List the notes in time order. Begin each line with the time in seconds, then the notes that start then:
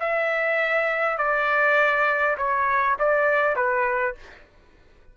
0.00 E5
1.18 D5
2.37 C#5
2.99 D5
3.56 B4